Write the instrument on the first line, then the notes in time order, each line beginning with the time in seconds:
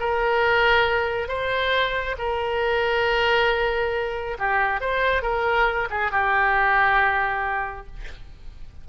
oboe
0.00 A#4
1.28 C5
2.19 A#4
4.39 G4
4.81 C5
5.23 A#4
5.91 G#4
6.12 G4